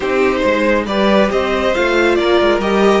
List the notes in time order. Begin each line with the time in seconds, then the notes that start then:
0.00 C4 D#4 G4 C5
0.40 G#3 C5
0.86 G3 G4 B4 D5
1.31 C4 C5 D#5
1.74 A3 F4 F5
2.15 A#3 A#4 D5
2.41 G#3
2.59 G3 G4 D#5